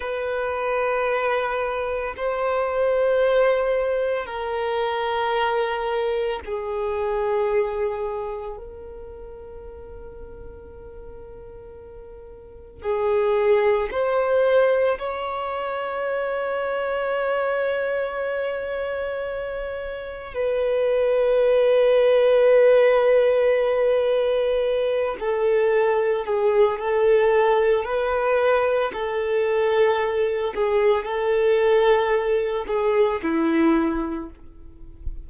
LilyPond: \new Staff \with { instrumentName = "violin" } { \time 4/4 \tempo 4 = 56 b'2 c''2 | ais'2 gis'2 | ais'1 | gis'4 c''4 cis''2~ |
cis''2. b'4~ | b'2.~ b'8 a'8~ | a'8 gis'8 a'4 b'4 a'4~ | a'8 gis'8 a'4. gis'8 e'4 | }